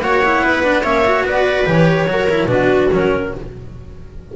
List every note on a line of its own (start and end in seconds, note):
0.00 0.41 A#3
0.00 0.23 F#4
0.00 0.43 C#5
0.00 0.83 F#5
0.24 0.63 E4
0.42 0.84 B3
0.42 0.83 B4
0.63 0.84 D4
0.83 1.23 A#3
0.83 1.04 C#4
0.83 1.24 C#5
0.83 1.24 E5
1.05 1.66 F#4
1.23 1.64 B3
1.23 2.10 B4
1.23 1.69 D5
1.66 2.06 E3
1.66 2.07 G4
1.66 2.48 C#5
2.06 2.45 F#3
2.06 2.28 F#4
2.12 2.49 A#4
2.29 2.49 E4
2.45 2.87 B2
2.45 2.90 D4
2.45 3.32 F#4
2.45 2.90 B4
2.92 3.34 F#3
2.92 3.34 C#4
2.92 3.36 A#4